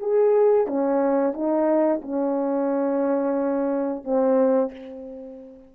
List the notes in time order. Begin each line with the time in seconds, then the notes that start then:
0.00 G#4
0.67 C#4
1.34 D#4
2.02 C#4
4.04 C4